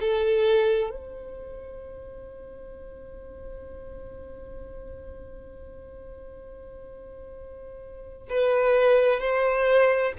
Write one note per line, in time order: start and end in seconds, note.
0.00 0.90 A4
0.90 8.29 C5
8.29 9.21 B4
9.21 10.13 C5